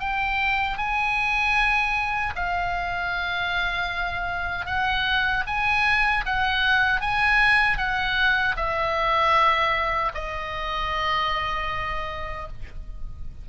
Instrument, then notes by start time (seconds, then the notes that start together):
oboe
0.00 G5
0.78 G#5
2.36 F5
4.66 F#5
5.47 G#5
6.26 F#5
7.01 G#5
7.78 F#5
8.56 E5
10.14 D#5